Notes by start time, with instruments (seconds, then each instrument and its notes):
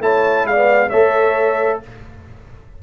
0.00 tuba A3, trombone E4, horn C#5, trumpet A5
0.45 tuba G#3, horn D5, trumpet F5
0.55 trombone B3
0.89 tuba A3, trombone A4, horn C#5, trumpet E5